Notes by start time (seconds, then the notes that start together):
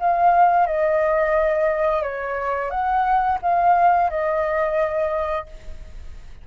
0.00 F5
0.67 D#5
2.03 C#5
2.71 F#5
3.42 F5
4.10 D#5